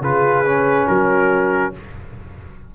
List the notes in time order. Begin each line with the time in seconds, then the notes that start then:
0.00 C#3 F4 G#4 B4
0.44 C#4
0.87 F#3 F#4 A#4